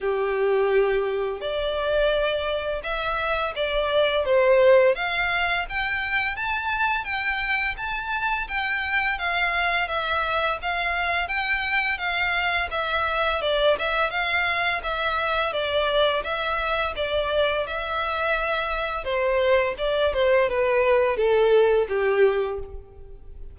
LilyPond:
\new Staff \with { instrumentName = "violin" } { \time 4/4 \tempo 4 = 85 g'2 d''2 | e''4 d''4 c''4 f''4 | g''4 a''4 g''4 a''4 | g''4 f''4 e''4 f''4 |
g''4 f''4 e''4 d''8 e''8 | f''4 e''4 d''4 e''4 | d''4 e''2 c''4 | d''8 c''8 b'4 a'4 g'4 | }